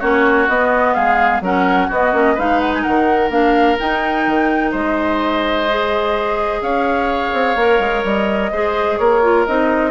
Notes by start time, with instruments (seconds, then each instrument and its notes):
0.00 bassoon A#3, clarinet C#4, oboe F#4, flute C#5
0.48 bassoon B3, clarinet B3, flute D#5
0.94 bassoon G#3, oboe G#4, flute F5
1.41 bassoon F#3, clarinet C#4, oboe A#4, flute F#5
1.88 bassoon B3, clarinet B3, oboe F#4, flute D#5
2.13 bassoon A#3, clarinet C#4
2.35 bassoon G#3, clarinet D#4, oboe B4, flute F5
2.60 flute F#5
2.74 flute G#5
2.82 bassoon D#3, oboe A#4, flute F#5
3.30 bassoon A#3, clarinet D4, flute F5
3.80 clarinet D#4, bassoon D#4, flute G5
4.27 bassoon D#3
4.71 bassoon G#3, oboe C5, flute D#5
5.69 clarinet G#4
6.62 bassoon C#4, oboe C#5, flute F5
7.33 bassoon C4
7.56 bassoon A#3, clarinet A#4
7.79 bassoon G#3
8.04 bassoon G3, flute D#5
8.52 bassoon G#3, clarinet G#4, oboe C5
8.98 bassoon A#3, oboe A#4, flute C#5
9.23 clarinet F4
9.46 bassoon C4, clarinet D#4, flute D#5